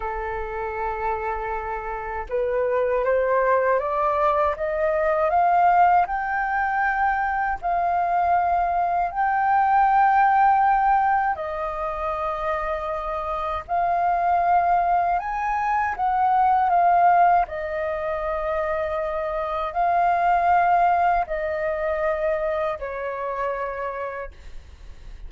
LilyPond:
\new Staff \with { instrumentName = "flute" } { \time 4/4 \tempo 4 = 79 a'2. b'4 | c''4 d''4 dis''4 f''4 | g''2 f''2 | g''2. dis''4~ |
dis''2 f''2 | gis''4 fis''4 f''4 dis''4~ | dis''2 f''2 | dis''2 cis''2 | }